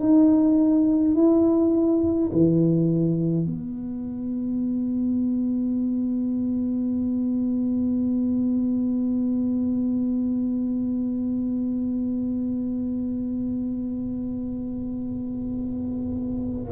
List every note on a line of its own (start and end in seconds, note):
0.00 1.15 D#4
1.15 2.31 E4
2.32 3.47 E3
3.47 16.73 B3